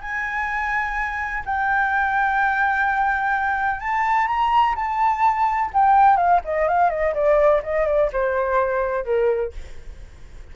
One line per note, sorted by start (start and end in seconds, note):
0.00 1.43 G#5
1.45 3.80 G5
3.80 4.27 A5
4.27 4.74 A#5
4.75 5.70 A5
5.73 6.16 G5
6.16 6.40 F5
6.44 6.68 D#5
6.68 6.89 F5
6.89 7.13 D#5
7.14 7.61 D5
7.63 7.86 D#5
7.86 8.10 D5
8.12 9.04 C5
9.04 9.52 A#4